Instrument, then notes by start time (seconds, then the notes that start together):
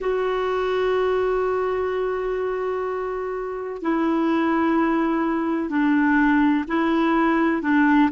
clarinet
0.00 F#4
3.82 E4
5.69 D4
6.67 E4
7.61 D4